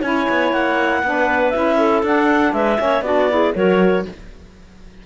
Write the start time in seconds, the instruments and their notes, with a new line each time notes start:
0.00 cello C#4, saxophone E4, clarinet C#5 G#5
0.29 cello B3
0.52 cello A#3, clarinet F#5
1.03 cello B3, saxophone D4, clarinet B4
1.50 cello C#4, saxophone E4, clarinet E5
1.77 clarinet A4
2.02 cello D4, saxophone D4, clarinet F#5
2.53 cello G#3, clarinet B4 E5
2.77 cello A#3, saxophone C#4, clarinet C#5
3.01 cello B3, saxophone D4, clarinet F#4 D5
3.29 saxophone E4, clarinet G#4
3.54 cello F#3, saxophone F#4, clarinet A#4 C#5